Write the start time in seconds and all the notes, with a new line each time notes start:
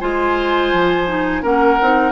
0.00 G#3 F4 C5 G#5
0.73 F3
1.07 D#4
1.42 A#3 C#4 A#4 F#5
1.82 C4 D#4